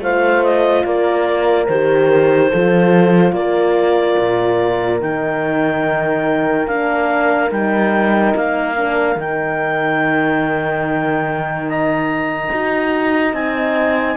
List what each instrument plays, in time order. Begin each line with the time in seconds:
0.00 cello A3, horn F4 C5, clarinet F5
0.43 clarinet D#5
0.84 cello A#3, horn A#4, clarinet D5
1.67 cello D#3, horn G4, clarinet C5
2.50 cello F3, horn F4 A4
3.32 cello A#3, horn A#4, clarinet D5
4.18 cello A#2
5.00 cello D#3, horn D#4, clarinet G5
6.67 cello A#3, horn D4, clarinet F5
7.49 cello G3, horn D#4, clarinet G5
8.35 cello A#3, clarinet F5
8.76 horn D4
9.16 cello D#3, horn D#4, clarinet G5
11.69 horn D#5, clarinet A#5
12.52 cello D#4, horn F#4
13.33 cello C4, horn D#4, clarinet G#5